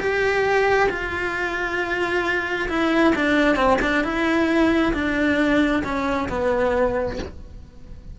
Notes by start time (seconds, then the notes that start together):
0.00 G4
0.90 F4
2.69 E4
3.16 D4
3.56 C4
3.82 D4
4.04 E4
4.94 D4
5.84 C#4
6.29 B3